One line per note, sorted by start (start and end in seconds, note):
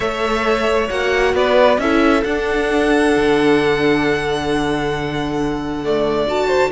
0.00 0.89 A3
0.00 0.87 A4
0.00 1.35 C#5
0.00 0.89 E5
0.89 1.34 A#3
0.89 1.79 F#4
0.89 1.35 F#5
1.34 1.77 B3
1.34 1.80 B4
1.34 1.79 D5
1.77 2.22 C#4
1.77 2.25 E4
1.77 5.84 A4
1.77 2.23 E5
2.23 3.14 D4
2.23 5.83 D4
2.23 6.26 F#5
3.16 6.71 D3
5.83 6.27 A3
5.83 6.47 D5
6.27 6.71 F#4
6.27 6.71 A5
6.47 6.70 C5